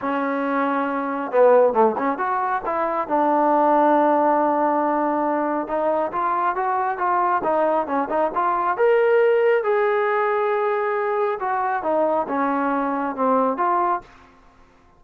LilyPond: \new Staff \with { instrumentName = "trombone" } { \time 4/4 \tempo 4 = 137 cis'2. b4 | a8 cis'8 fis'4 e'4 d'4~ | d'1~ | d'4 dis'4 f'4 fis'4 |
f'4 dis'4 cis'8 dis'8 f'4 | ais'2 gis'2~ | gis'2 fis'4 dis'4 | cis'2 c'4 f'4 | }